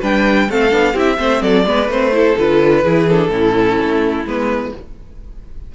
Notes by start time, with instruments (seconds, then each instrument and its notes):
0.00 cello G3, viola D4, violin B4 G5
0.49 cello A3, viola C4, violin A4 F5
0.71 cello B3, viola D4
0.93 cello C4, viola E4, violin G4 E5
1.17 cello A3, viola C4, violin C5
1.42 cello F#3, violin A4 D5
1.65 cello G#3, viola B3, violin B4
1.88 cello A3, viola C4, violin C5
2.12 viola E4, violin A4
2.38 cello D3, viola F4, violin B4
2.83 cello E3, viola E4, violin G#4
3.09 viola D4, violin A4
3.29 cello A2, viola C#4, violin E4
3.81 cello A3
4.25 cello G#3, viola B3, violin B4